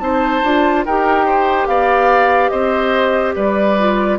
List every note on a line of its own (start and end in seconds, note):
0.00 0.42 C4
0.00 0.42 D#4
0.00 0.85 C5
0.00 0.84 A5
0.44 0.86 D4
0.44 0.86 F4
0.85 1.67 D#4
0.85 3.80 G4
0.85 1.26 A#4
0.85 1.67 G5
1.26 1.68 C5
1.67 2.51 B3
1.67 2.52 D5
1.67 2.49 F5
2.49 3.36 C4
2.49 3.35 C5
2.49 3.33 D#5
3.35 4.19 G3
3.35 4.19 B4
3.35 4.19 D5
3.80 4.19 F4